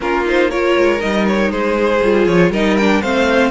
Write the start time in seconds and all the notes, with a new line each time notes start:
0.00 A#3 C#4 F4 A#4
0.25 D#4 C5
0.50 F4 A#4 C#5
0.77 G#3
0.98 G3 D#4 D#5
1.27 C#5
1.51 G#3 G#4 C5
2.02 G3 F4
2.26 F3 C#5
2.50 G3 D#4 A#4 D#5
2.77 D4 G5
3.01 A3 C4 C5 F5